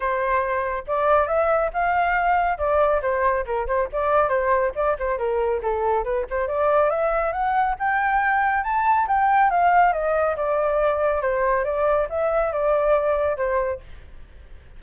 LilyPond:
\new Staff \with { instrumentName = "flute" } { \time 4/4 \tempo 4 = 139 c''2 d''4 e''4 | f''2 d''4 c''4 | ais'8 c''8 d''4 c''4 d''8 c''8 | ais'4 a'4 b'8 c''8 d''4 |
e''4 fis''4 g''2 | a''4 g''4 f''4 dis''4 | d''2 c''4 d''4 | e''4 d''2 c''4 | }